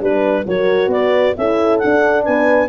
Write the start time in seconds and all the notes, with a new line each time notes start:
0.00 G3 D4 B4
0.46 F#3 F#4 A#4 C#5
0.87 B3 B4 D5
1.37 C#4 E4 A4 E5
1.78 D4 F#5
1.84 D4
2.24 B3 B4 G#5